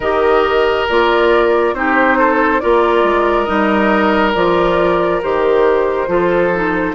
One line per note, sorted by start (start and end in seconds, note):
0.00 0.84 D#3
0.00 0.89 G4
0.00 1.74 A#4
0.00 0.87 D#5
0.88 1.73 A#3
0.88 1.75 F4
0.88 1.74 D5
1.73 2.60 C4
1.73 2.61 D#4
1.73 2.18 G4
1.73 2.59 C5
2.18 2.61 A4
2.59 3.03 A#3
2.59 3.46 F4
2.59 6.09 A#4
2.59 3.44 D5
3.03 3.47 G#3
3.44 4.35 G3
3.44 4.33 D#4
3.44 4.31 D#5
4.34 5.22 F3
4.34 5.22 F4
4.34 5.21 D5
5.22 6.07 D#3
5.22 6.07 G4
5.22 6.95 C5
6.07 6.94 F3
6.07 6.51 F4
6.07 6.95 A4
6.54 6.95 D#4